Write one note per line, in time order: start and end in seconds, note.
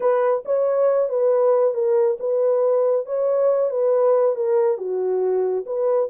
0.00 0.43 B4
0.45 1.09 C#5
1.09 1.74 B4
1.74 2.17 A#4
2.19 3.06 B4
3.06 3.70 C#5
3.70 4.35 B4
4.35 4.77 A#4
4.77 5.64 F#4
5.66 6.09 B4